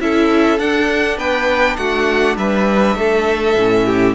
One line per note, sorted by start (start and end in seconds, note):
0.00 0.59 C#4
0.00 0.58 E4
0.00 1.18 A4
0.00 0.59 E5
0.58 3.55 D4
0.58 1.17 D4
0.58 1.18 F#5
1.17 1.76 B3
1.17 1.77 B4
1.17 1.76 G5
1.76 2.36 A3
1.76 2.37 F#4
1.76 2.36 F#5
2.36 2.95 G3
2.36 2.97 B4
2.36 4.15 E5
2.95 3.55 A3
2.95 3.85 A4
3.56 4.15 A2
3.56 4.15 C#4
3.85 4.15 G4